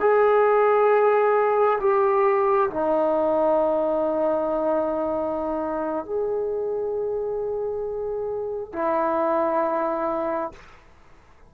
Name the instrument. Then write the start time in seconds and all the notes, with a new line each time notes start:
trombone
0.00 G#4
1.80 G4
2.70 D#4
6.05 G#4
8.73 E4